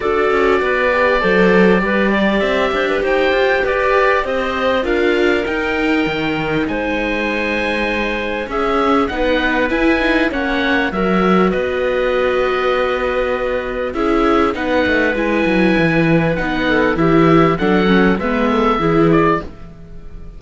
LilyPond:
<<
  \new Staff \with { instrumentName = "oboe" } { \time 4/4 \tempo 4 = 99 d''1 | e''4 g''4 d''4 dis''4 | f''4 g''2 gis''4~ | gis''2 e''4 fis''4 |
gis''4 fis''4 e''4 dis''4~ | dis''2. e''4 | fis''4 gis''2 fis''4 | e''4 fis''4 e''4. d''8 | }
  \new Staff \with { instrumentName = "clarinet" } { \time 4/4 a'4 b'4 c''4 b'8 d''8~ | d''8 c''16 b'16 c''4 b'4 c''4 | ais'2. c''4~ | c''2 gis'4 b'4~ |
b'4 cis''4 ais'4 b'4~ | b'2. gis'4 | b'2.~ b'8 a'8 | g'4 a'4 b'8 a'8 gis'4 | }
  \new Staff \with { instrumentName = "viola" } { \time 4/4 fis'4. g'8 a'4 g'4~ | g'1 | f'4 dis'2.~ | dis'2 cis'4 dis'4 |
e'8 dis'8 cis'4 fis'2~ | fis'2. e'4 | dis'4 e'2 dis'4 | e'4 d'8 cis'8 b4 e'4 | }
  \new Staff \with { instrumentName = "cello" } { \time 4/4 d'8 cis'8 b4 fis4 g4 | c'8 d'8 dis'8 f'8 g'4 c'4 | d'4 dis'4 dis4 gis4~ | gis2 cis'4 b4 |
e'4 ais4 fis4 b4~ | b2. cis'4 | b8 a8 gis8 fis8 e4 b4 | e4 fis4 gis4 e4 | }
>>